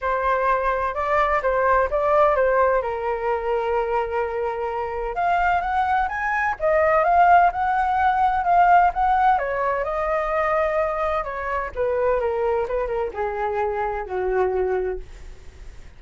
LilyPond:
\new Staff \with { instrumentName = "flute" } { \time 4/4 \tempo 4 = 128 c''2 d''4 c''4 | d''4 c''4 ais'2~ | ais'2. f''4 | fis''4 gis''4 dis''4 f''4 |
fis''2 f''4 fis''4 | cis''4 dis''2. | cis''4 b'4 ais'4 b'8 ais'8 | gis'2 fis'2 | }